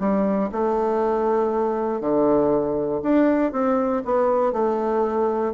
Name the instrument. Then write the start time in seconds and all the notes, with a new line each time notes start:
bassoon
0.00 G3
0.52 A3
2.01 D3
3.03 D4
3.52 C4
4.05 B3
4.52 A3